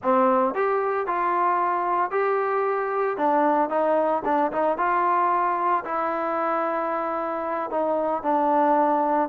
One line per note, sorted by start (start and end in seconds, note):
0.03 0.54 C4
0.54 1.06 G4
1.06 2.10 F4
2.10 3.17 G4
3.17 3.69 D4
3.69 4.22 D#4
4.25 4.51 D4
4.52 4.77 D#4
4.77 5.83 F4
5.85 7.70 E4
7.70 8.23 D#4
8.23 9.29 D4